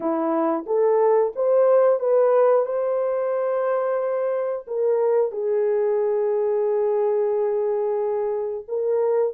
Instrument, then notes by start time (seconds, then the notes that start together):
horn
0.00 E4
0.66 A4
1.35 C5
1.99 B4
2.65 C5
4.67 A#4
5.31 G#4
8.68 A#4